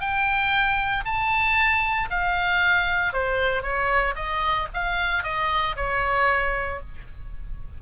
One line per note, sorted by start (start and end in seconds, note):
0.00 1.04 G5
1.05 2.09 A5
2.10 3.13 F5
3.13 3.62 C5
3.62 4.15 C#5
4.15 4.68 D#5
4.74 5.24 F5
5.24 5.76 D#5
5.76 6.81 C#5